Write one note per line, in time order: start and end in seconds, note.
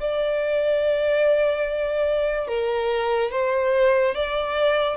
0.00 2.48 D5
2.48 3.31 A#4
3.31 4.14 C5
4.15 4.97 D5